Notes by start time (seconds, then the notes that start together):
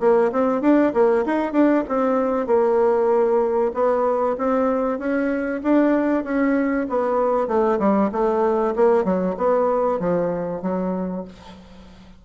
0.00 A#3
0.32 C4
0.61 D4
0.93 A#3
1.26 D#4
1.52 D4
1.89 C4
2.47 A#3
3.74 B3
4.38 C4
4.99 C#4
5.63 D4
6.24 C#4
6.89 B3
7.48 A3
7.79 G3
8.12 A3
8.76 A#3
9.04 F#3
9.37 B3
9.99 F3
10.62 F#3